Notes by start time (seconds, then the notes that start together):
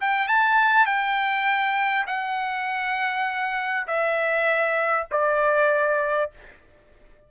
0.00 G5
0.28 A5
0.86 G5
2.06 F#5
3.87 E5
5.11 D5